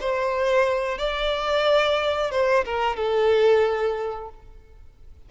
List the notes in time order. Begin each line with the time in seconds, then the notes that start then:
0.00 C5
0.98 D5
2.31 C5
2.65 A#4
2.96 A4